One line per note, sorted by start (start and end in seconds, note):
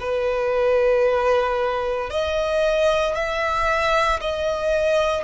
0.00 2.10 B4
2.10 3.15 D#5
3.15 4.20 E5
4.21 5.24 D#5